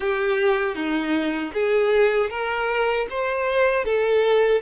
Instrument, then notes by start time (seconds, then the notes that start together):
violin
0.00 G4
0.75 D#4
1.53 G#4
2.29 A#4
3.10 C5
3.84 A4